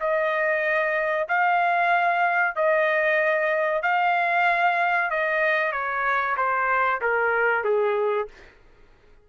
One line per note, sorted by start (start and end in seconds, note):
0.00 1.28 D#5
1.28 2.55 F5
2.55 3.82 D#5
3.82 5.10 F5
5.10 5.72 D#5
5.72 6.36 C#5
6.37 7.01 C5
7.01 7.64 A#4
7.64 8.28 G#4